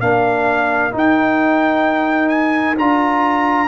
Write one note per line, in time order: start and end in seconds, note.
0.00 0.92 A#3
0.00 0.91 D4
0.00 3.67 A#4
0.00 0.92 F5
0.91 2.76 D#4
0.91 2.78 D#4
0.97 2.28 G5
2.28 2.75 G#5
2.78 3.67 D4
2.78 3.67 F4
2.78 3.67 A#5